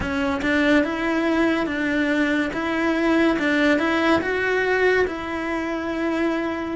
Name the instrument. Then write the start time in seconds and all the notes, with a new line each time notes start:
cello
0.00 C#4
0.41 D4
0.84 E4
1.66 D4
2.53 E4
3.38 D4
3.78 E4
4.21 F#4
5.07 E4